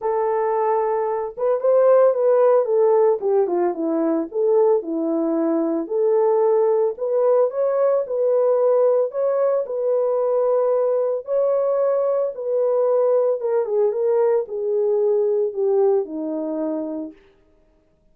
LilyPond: \new Staff \with { instrumentName = "horn" } { \time 4/4 \tempo 4 = 112 a'2~ a'8 b'8 c''4 | b'4 a'4 g'8 f'8 e'4 | a'4 e'2 a'4~ | a'4 b'4 cis''4 b'4~ |
b'4 cis''4 b'2~ | b'4 cis''2 b'4~ | b'4 ais'8 gis'8 ais'4 gis'4~ | gis'4 g'4 dis'2 | }